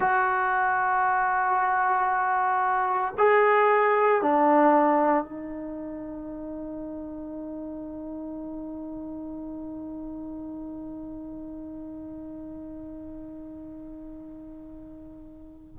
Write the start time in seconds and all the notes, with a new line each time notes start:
0.00 F#4
3.18 G#4
4.22 D4
5.23 D#4